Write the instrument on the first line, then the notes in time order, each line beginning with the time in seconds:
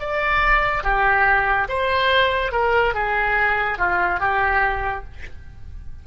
oboe
0.00 D5
0.83 G4
1.69 C5
2.52 A#4
2.95 G#4
3.78 F4
4.20 G4